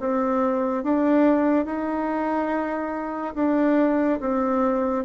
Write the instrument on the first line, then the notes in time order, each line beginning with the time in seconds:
bassoon
0.00 C4
0.83 D4
1.65 D#4
3.35 D4
4.20 C4